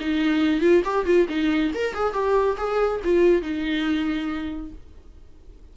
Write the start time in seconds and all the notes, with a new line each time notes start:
0.00 D#4
0.61 F4
0.85 G4
1.06 F4
1.29 D#4
1.74 A#4
1.94 G#4
2.13 G4
2.57 G#4
3.04 F4
3.42 D#4